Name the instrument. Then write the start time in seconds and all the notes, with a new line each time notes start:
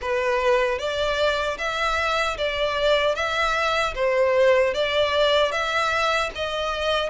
violin
0.01 B4
0.78 D5
1.58 E5
2.37 D5
3.15 E5
3.95 C5
4.74 D5
5.51 E5
6.35 D#5